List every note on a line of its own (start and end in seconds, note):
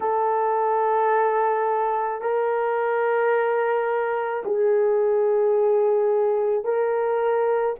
0.00 2.21 A4
2.21 4.43 A#4
4.44 6.64 G#4
6.64 7.75 A#4